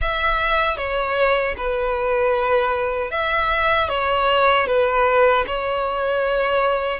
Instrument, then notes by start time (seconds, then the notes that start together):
violin
0.01 E5
0.77 C#5
1.57 B4
3.11 E5
3.88 C#5
4.66 B4
5.46 C#5